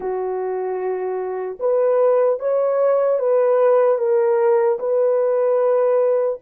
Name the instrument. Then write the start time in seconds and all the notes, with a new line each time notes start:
horn
0.00 F#4
1.59 B4
2.39 C#5
3.19 B4
3.98 A#4
4.79 B4